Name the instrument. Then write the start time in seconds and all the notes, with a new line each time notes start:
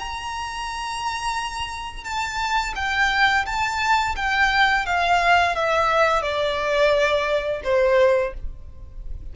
violin
0.00 A#5
2.05 A5
2.76 G5
3.46 A5
4.16 G5
4.86 F5
5.56 E5
6.23 D5
7.64 C5